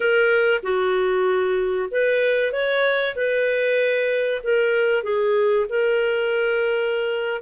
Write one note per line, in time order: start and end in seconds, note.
0.00 0.61 A#4
0.63 1.89 F#4
1.91 2.52 B4
2.52 3.15 C#5
3.15 4.42 B4
4.43 5.03 A#4
5.03 5.66 G#4
5.69 7.41 A#4